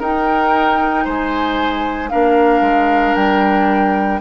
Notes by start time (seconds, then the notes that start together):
0.00 D#4 A#4 G5
1.05 G#3 C5 G#5
2.10 A#3 D4 A#4 F5
2.61 G#3
3.15 G3 G5